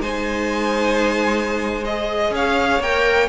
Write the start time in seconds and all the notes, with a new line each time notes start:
0.00 G#3 D#4 C5 G#5
1.85 G#4 D#5
2.31 C#4 C#5 F5
2.79 A#3 A#4 G5